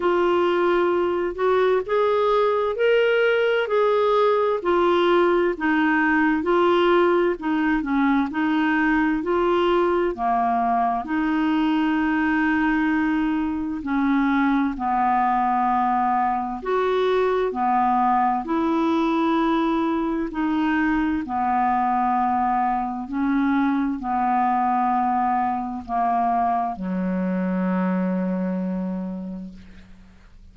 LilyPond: \new Staff \with { instrumentName = "clarinet" } { \time 4/4 \tempo 4 = 65 f'4. fis'8 gis'4 ais'4 | gis'4 f'4 dis'4 f'4 | dis'8 cis'8 dis'4 f'4 ais4 | dis'2. cis'4 |
b2 fis'4 b4 | e'2 dis'4 b4~ | b4 cis'4 b2 | ais4 fis2. | }